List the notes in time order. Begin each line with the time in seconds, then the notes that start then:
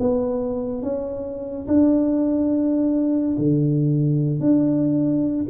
0.00 B3
0.83 C#4
1.68 D4
3.38 D3
4.40 D4